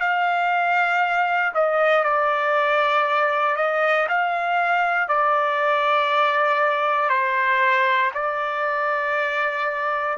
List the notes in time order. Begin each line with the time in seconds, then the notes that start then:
0.00 F5
1.54 D#5
2.04 D5
3.56 D#5
4.09 F5
5.08 D5
7.10 C5
8.14 D5